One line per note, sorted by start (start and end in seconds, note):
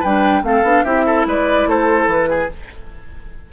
0.00 0.43 G3
0.00 0.43 D4
0.00 0.41 B4
0.00 0.44 G5
0.43 0.63 A3
0.43 0.63 C4
0.43 0.85 A4
0.43 0.84 F5
0.63 0.83 B3
0.63 0.85 D4
0.84 1.26 C4
0.84 2.49 E4
0.84 1.05 G4
0.84 1.25 E5
1.06 1.26 A4
1.26 1.66 G#3
1.26 1.69 B4
1.26 1.69 D5
1.66 2.06 A3
1.66 2.29 A4
1.66 2.10 C5
2.06 2.47 E3
2.06 2.52 B4
2.29 2.50 G#4